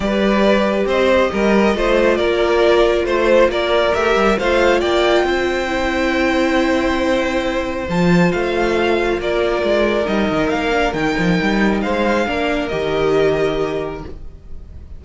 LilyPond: <<
  \new Staff \with { instrumentName = "violin" } { \time 4/4 \tempo 4 = 137 d''2 dis''2~ | dis''4 d''2 c''4 | d''4 e''4 f''4 g''4~ | g''1~ |
g''2 a''4 f''4~ | f''4 d''2 dis''4 | f''4 g''2 f''4~ | f''4 dis''2. | }
  \new Staff \with { instrumentName = "violin" } { \time 4/4 b'2 c''4 ais'4 | c''4 ais'2 c''4 | ais'2 c''4 d''4 | c''1~ |
c''1~ | c''4 ais'2.~ | ais'2. c''4 | ais'1 | }
  \new Staff \with { instrumentName = "viola" } { \time 4/4 g'1 | f'1~ | f'4 g'4 f'2~ | f'4 e'2.~ |
e'2 f'2~ | f'2. dis'4~ | dis'8 d'8 dis'2. | d'4 g'2. | }
  \new Staff \with { instrumentName = "cello" } { \time 4/4 g2 c'4 g4 | a4 ais2 a4 | ais4 a8 g8 a4 ais4 | c'1~ |
c'2 f4 a4~ | a4 ais4 gis4 g8 dis8 | ais4 dis8 f8 g4 gis4 | ais4 dis2. | }
>>